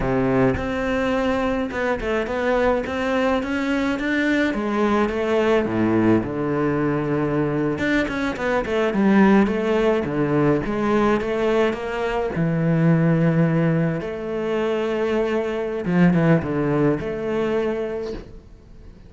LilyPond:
\new Staff \with { instrumentName = "cello" } { \time 4/4 \tempo 4 = 106 c4 c'2 b8 a8 | b4 c'4 cis'4 d'4 | gis4 a4 a,4 d4~ | d4.~ d16 d'8 cis'8 b8 a8 g16~ |
g8. a4 d4 gis4 a16~ | a8. ais4 e2~ e16~ | e8. a2.~ a16 | f8 e8 d4 a2 | }